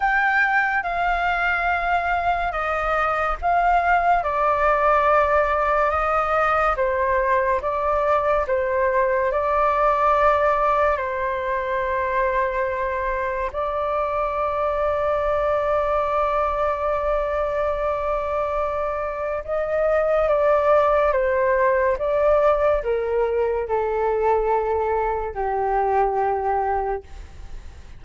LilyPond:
\new Staff \with { instrumentName = "flute" } { \time 4/4 \tempo 4 = 71 g''4 f''2 dis''4 | f''4 d''2 dis''4 | c''4 d''4 c''4 d''4~ | d''4 c''2. |
d''1~ | d''2. dis''4 | d''4 c''4 d''4 ais'4 | a'2 g'2 | }